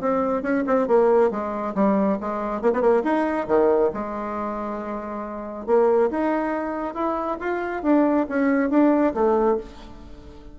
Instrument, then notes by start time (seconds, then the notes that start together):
bassoon
0.00 C4
0.42 C#4
0.66 C4
0.87 A#3
1.31 G#3
1.75 G3
2.20 G#3
2.61 A#3
2.73 B3
2.81 A#3
3.03 D#4
3.47 D#3
3.93 G#3
5.66 A#3
6.10 D#4
6.94 E4
7.40 F4
7.82 D4
8.28 C#4
8.70 D4
9.14 A3